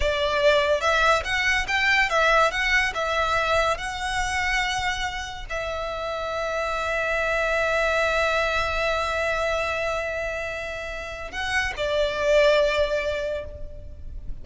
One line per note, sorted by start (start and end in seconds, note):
0.00 0.80 D5
0.80 1.22 E5
1.24 1.66 F#5
1.67 2.09 G5
2.09 2.51 E5
2.51 2.93 F#5
2.94 3.77 E5
3.77 5.45 F#5
5.49 11.31 E5
11.31 11.73 F#5
11.76 13.44 D5